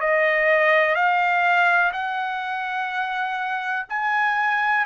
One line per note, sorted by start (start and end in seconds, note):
0.00 0.95 D#5
0.95 1.92 F5
1.92 3.86 F#5
3.89 4.85 G#5